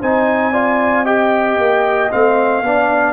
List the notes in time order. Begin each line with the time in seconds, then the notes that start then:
0.00 C4 D#4 C5 G#5
0.52 F4 D5
1.04 G4 D#5 G5
1.58 A#3
2.11 A3 C4 F5
2.61 B3 D4 D5